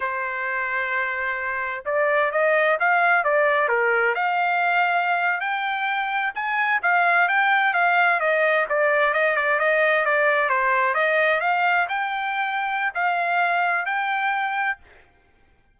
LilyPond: \new Staff \with { instrumentName = "trumpet" } { \time 4/4 \tempo 4 = 130 c''1 | d''4 dis''4 f''4 d''4 | ais'4 f''2~ f''8. g''16~ | g''4.~ g''16 gis''4 f''4 g''16~ |
g''8. f''4 dis''4 d''4 dis''16~ | dis''16 d''8 dis''4 d''4 c''4 dis''16~ | dis''8. f''4 g''2~ g''16 | f''2 g''2 | }